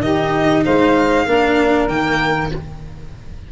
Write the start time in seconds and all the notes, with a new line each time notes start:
0.00 D#3 D#4 G4 D#5
0.65 G#3 C5 F5
1.26 A#3 D4 A#4
1.88 D#3 A#3 G5